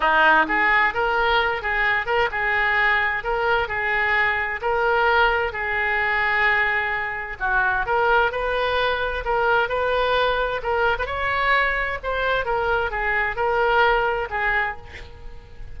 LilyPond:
\new Staff \with { instrumentName = "oboe" } { \time 4/4 \tempo 4 = 130 dis'4 gis'4 ais'4. gis'8~ | gis'8 ais'8 gis'2 ais'4 | gis'2 ais'2 | gis'1 |
fis'4 ais'4 b'2 | ais'4 b'2 ais'8. b'16 | cis''2 c''4 ais'4 | gis'4 ais'2 gis'4 | }